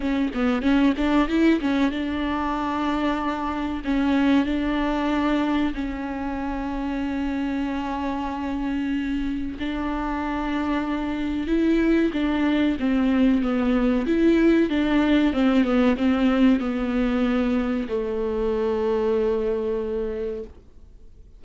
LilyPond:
\new Staff \with { instrumentName = "viola" } { \time 4/4 \tempo 4 = 94 cis'8 b8 cis'8 d'8 e'8 cis'8 d'4~ | d'2 cis'4 d'4~ | d'4 cis'2.~ | cis'2. d'4~ |
d'2 e'4 d'4 | c'4 b4 e'4 d'4 | c'8 b8 c'4 b2 | a1 | }